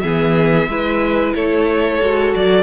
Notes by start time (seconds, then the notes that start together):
0.00 E3 B3 G#4 E5
0.67 G#3 E4 B4
1.34 A3 A4 C#5
2.01 G#3 F#4
2.34 F#3 D5